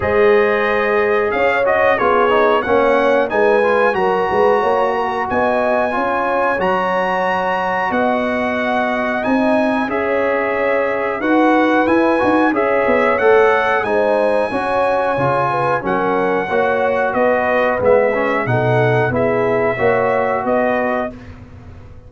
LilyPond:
<<
  \new Staff \with { instrumentName = "trumpet" } { \time 4/4 \tempo 4 = 91 dis''2 f''8 dis''8 cis''4 | fis''4 gis''4 ais''2 | gis''2 ais''2 | fis''2 gis''4 e''4~ |
e''4 fis''4 gis''4 e''4 | fis''4 gis''2. | fis''2 dis''4 e''4 | fis''4 e''2 dis''4 | }
  \new Staff \with { instrumentName = "horn" } { \time 4/4 c''2 cis''4 gis'4 | cis''4 b'4 ais'8 b'8 cis''8 ais'8 | dis''4 cis''2. | dis''2. cis''4~ |
cis''4 b'2 cis''4~ | cis''4 c''4 cis''4. b'8 | ais'4 cis''4 b'2 | a'4 gis'4 cis''4 b'4 | }
  \new Staff \with { instrumentName = "trombone" } { \time 4/4 gis'2~ gis'8 fis'8 f'8 dis'8 | cis'4 dis'8 f'8 fis'2~ | fis'4 f'4 fis'2~ | fis'2 dis'4 gis'4~ |
gis'4 fis'4 e'8 fis'8 gis'4 | a'4 dis'4 fis'4 f'4 | cis'4 fis'2 b8 cis'8 | dis'4 e'4 fis'2 | }
  \new Staff \with { instrumentName = "tuba" } { \time 4/4 gis2 cis'4 b4 | ais4 gis4 fis8 gis8 ais4 | b4 cis'4 fis2 | b2 c'4 cis'4~ |
cis'4 dis'4 e'8 dis'8 cis'8 b8 | a4 gis4 cis'4 cis4 | fis4 ais4 b4 gis4 | b,4 b4 ais4 b4 | }
>>